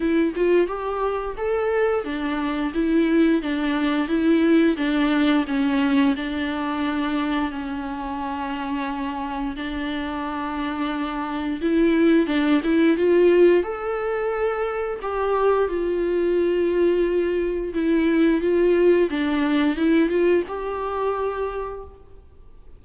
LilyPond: \new Staff \with { instrumentName = "viola" } { \time 4/4 \tempo 4 = 88 e'8 f'8 g'4 a'4 d'4 | e'4 d'4 e'4 d'4 | cis'4 d'2 cis'4~ | cis'2 d'2~ |
d'4 e'4 d'8 e'8 f'4 | a'2 g'4 f'4~ | f'2 e'4 f'4 | d'4 e'8 f'8 g'2 | }